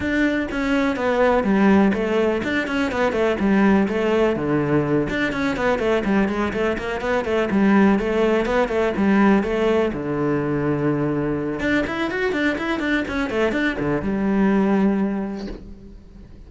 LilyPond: \new Staff \with { instrumentName = "cello" } { \time 4/4 \tempo 4 = 124 d'4 cis'4 b4 g4 | a4 d'8 cis'8 b8 a8 g4 | a4 d4. d'8 cis'8 b8 | a8 g8 gis8 a8 ais8 b8 a8 g8~ |
g8 a4 b8 a8 g4 a8~ | a8 d2.~ d8 | d'8 e'8 fis'8 d'8 e'8 d'8 cis'8 a8 | d'8 d8 g2. | }